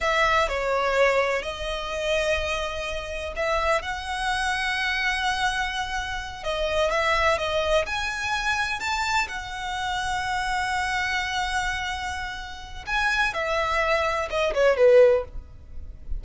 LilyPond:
\new Staff \with { instrumentName = "violin" } { \time 4/4 \tempo 4 = 126 e''4 cis''2 dis''4~ | dis''2. e''4 | fis''1~ | fis''4. dis''4 e''4 dis''8~ |
dis''8 gis''2 a''4 fis''8~ | fis''1~ | fis''2. gis''4 | e''2 dis''8 cis''8 b'4 | }